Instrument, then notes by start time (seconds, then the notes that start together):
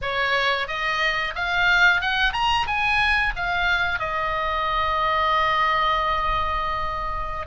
oboe
0.01 C#5
0.67 D#5
1.35 F5
2.01 F#5
2.32 A#5
2.66 G#5
3.35 F5
3.99 D#5